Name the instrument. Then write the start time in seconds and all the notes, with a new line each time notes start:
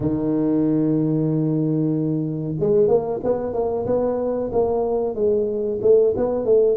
tuba
0.00 D#3
2.59 G#3
2.87 A#3
3.23 B3
3.53 A#3
3.86 B3
4.52 A#3
5.14 G#3
5.81 A3
6.16 B3
6.45 A3